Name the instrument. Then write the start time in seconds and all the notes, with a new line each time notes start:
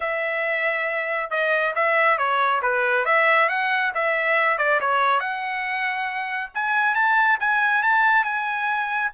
trumpet
0.00 E5
1.30 D#5
1.75 E5
2.17 C#5
2.61 B4
3.05 E5
3.48 F#5
3.94 E5
4.58 D5
4.80 C#5
5.20 F#5
6.54 G#5
6.95 A5
7.40 G#5
7.82 A5
8.24 G#5